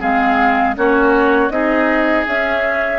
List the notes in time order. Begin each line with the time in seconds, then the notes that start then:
0.00 G#3 C4 G#4 F5
0.76 A#3 C#4 F#4 C#5
1.50 C4 D#4 G#4 D#5
2.27 C#4 E5